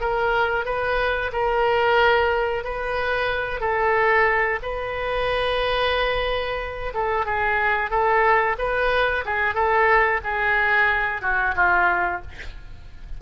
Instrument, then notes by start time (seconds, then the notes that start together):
oboe
0.00 A#4
0.65 B4
1.32 A#4
2.64 B4
3.60 A4
4.62 B4
6.94 A4
7.25 G#4
7.90 A4
8.58 B4
9.25 G#4
9.54 A4
10.23 G#4
11.21 F#4
11.55 F4